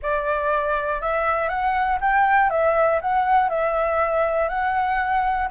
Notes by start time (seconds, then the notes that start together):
0.02 D5
1.01 E5
1.48 F#5
2.00 G5
2.50 E5
3.01 F#5
3.49 E5
4.48 F#5